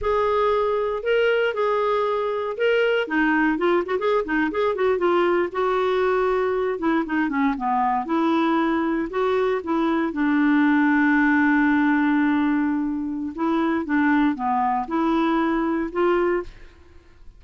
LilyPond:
\new Staff \with { instrumentName = "clarinet" } { \time 4/4 \tempo 4 = 117 gis'2 ais'4 gis'4~ | gis'4 ais'4 dis'4 f'8 fis'16 gis'16~ | gis'16 dis'8 gis'8 fis'8 f'4 fis'4~ fis'16~ | fis'4~ fis'16 e'8 dis'8 cis'8 b4 e'16~ |
e'4.~ e'16 fis'4 e'4 d'16~ | d'1~ | d'2 e'4 d'4 | b4 e'2 f'4 | }